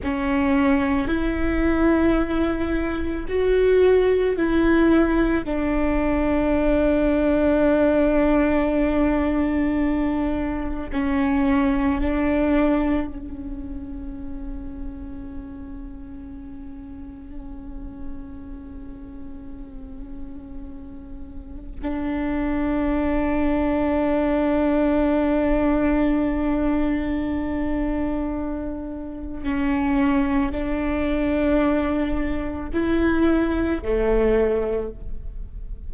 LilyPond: \new Staff \with { instrumentName = "viola" } { \time 4/4 \tempo 4 = 55 cis'4 e'2 fis'4 | e'4 d'2.~ | d'2 cis'4 d'4 | cis'1~ |
cis'1 | d'1~ | d'2. cis'4 | d'2 e'4 a4 | }